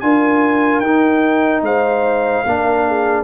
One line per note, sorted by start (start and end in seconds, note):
0.00 0.81 D4
0.00 0.84 F4
0.00 1.65 A#4
0.00 0.80 G#5
0.80 1.62 D#4
0.80 2.46 D#4
0.80 1.61 G5
1.62 2.43 G#3
1.62 2.46 C5
1.62 3.24 F5
2.46 3.24 A#3
2.46 3.24 D4
2.46 2.87 A#4
2.87 3.24 G#4